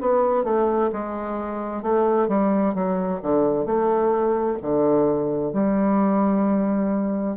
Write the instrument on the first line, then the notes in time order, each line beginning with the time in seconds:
bassoon
0.00 B3
0.44 A3
0.92 G#3
1.82 A3
2.28 G3
2.74 F#3
3.22 D3
3.65 A3
4.62 D3
5.53 G3